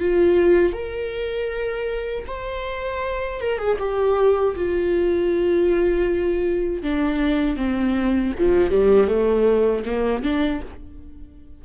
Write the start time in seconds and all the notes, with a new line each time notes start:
0.00 F4
0.73 A#4
2.27 C5
3.40 A#4
3.58 G#4
3.79 G4
4.55 F4
6.83 D4
7.57 C4
8.39 F3
8.71 G3
9.08 A3
9.86 A#3
10.23 D4